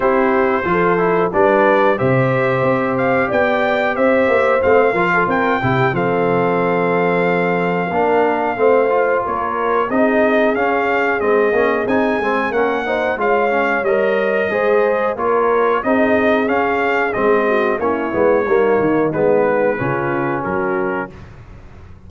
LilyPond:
<<
  \new Staff \with { instrumentName = "trumpet" } { \time 4/4 \tempo 4 = 91 c''2 d''4 e''4~ | e''8 f''8 g''4 e''4 f''4 | g''4 f''2.~ | f''2 cis''4 dis''4 |
f''4 dis''4 gis''4 fis''4 | f''4 dis''2 cis''4 | dis''4 f''4 dis''4 cis''4~ | cis''4 b'2 ais'4 | }
  \new Staff \with { instrumentName = "horn" } { \time 4/4 g'4 a'4 b'4 c''4~ | c''4 d''4 c''4. ais'16 a'16 | ais'8 g'8 a'2. | ais'4 c''4 ais'4 gis'4~ |
gis'2. ais'8 c''8 | cis''2 c''4 ais'4 | gis'2~ gis'8 fis'8 e'4 | dis'2 f'4 fis'4 | }
  \new Staff \with { instrumentName = "trombone" } { \time 4/4 e'4 f'8 e'8 d'4 g'4~ | g'2. c'8 f'8~ | f'8 e'8 c'2. | d'4 c'8 f'4. dis'4 |
cis'4 c'8 cis'8 dis'8 c'8 cis'8 dis'8 | f'8 cis'8 ais'4 gis'4 f'4 | dis'4 cis'4 c'4 cis'8 b8 | ais4 b4 cis'2 | }
  \new Staff \with { instrumentName = "tuba" } { \time 4/4 c'4 f4 g4 c4 | c'4 b4 c'8 ais8 a8 f8 | c'8 c8 f2. | ais4 a4 ais4 c'4 |
cis'4 gis8 ais8 c'8 gis8 ais4 | gis4 g4 gis4 ais4 | c'4 cis'4 gis4 ais8 gis8 | g8 dis8 gis4 cis4 fis4 | }
>>